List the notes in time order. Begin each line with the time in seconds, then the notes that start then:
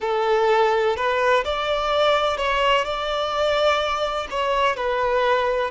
0.00 A4
0.96 B4
1.44 D5
2.37 C#5
2.84 D5
4.30 C#5
4.76 B4